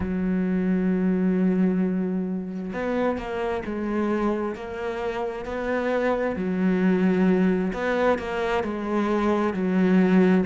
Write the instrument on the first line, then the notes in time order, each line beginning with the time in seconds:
cello
0.00 F#3
2.73 B3
3.17 A#3
3.65 G#3
4.55 A#3
5.45 B3
6.36 F#3
7.73 B3
8.18 A#3
8.63 G#3
9.53 F#3